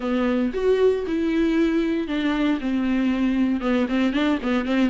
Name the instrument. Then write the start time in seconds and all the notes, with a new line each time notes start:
viola
0.00 B3
0.53 F#4
1.07 E4
2.07 D4
2.60 C4
3.60 B3
3.88 C4
4.12 D4
4.42 B3
4.65 C4